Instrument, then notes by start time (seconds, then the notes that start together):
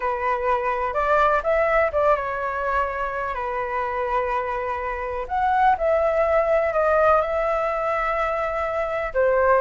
flute
0.00 B4
0.93 D5
1.43 E5
1.92 D5
2.16 C#5
3.34 B4
5.28 F#5
5.77 E5
6.73 D#5
7.21 E5
9.14 C5